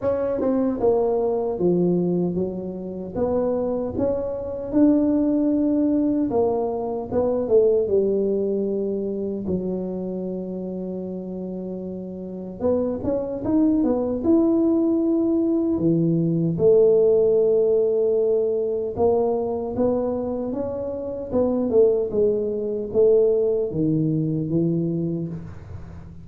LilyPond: \new Staff \with { instrumentName = "tuba" } { \time 4/4 \tempo 4 = 76 cis'8 c'8 ais4 f4 fis4 | b4 cis'4 d'2 | ais4 b8 a8 g2 | fis1 |
b8 cis'8 dis'8 b8 e'2 | e4 a2. | ais4 b4 cis'4 b8 a8 | gis4 a4 dis4 e4 | }